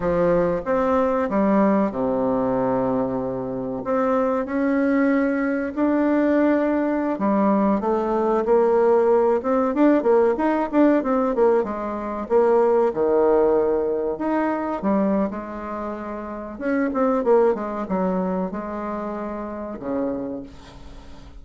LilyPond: \new Staff \with { instrumentName = "bassoon" } { \time 4/4 \tempo 4 = 94 f4 c'4 g4 c4~ | c2 c'4 cis'4~ | cis'4 d'2~ d'16 g8.~ | g16 a4 ais4. c'8 d'8 ais16~ |
ais16 dis'8 d'8 c'8 ais8 gis4 ais8.~ | ais16 dis2 dis'4 g8. | gis2 cis'8 c'8 ais8 gis8 | fis4 gis2 cis4 | }